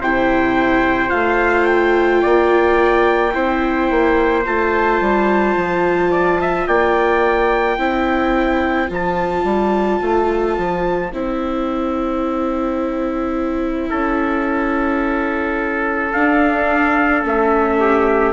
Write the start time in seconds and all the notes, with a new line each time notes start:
0.00 C3 E4 C5 G5
1.09 A3 F4 F5
1.65 G5
2.21 A#3 D5
3.33 C4 E4 C5
3.90 A#3
4.45 A3 F4 A5
5.01 G3
5.56 F3
6.11 D5
6.41 E5
6.67 A#3 D5 G5
7.78 C4 E4 C5
8.88 F3 F4 A5
9.44 G3
10.02 A3
10.58 F3
11.12 C4 E4 G5
13.89 C#4 A4
16.12 D4 F5
17.22 A3 C#4 E5
17.80 G4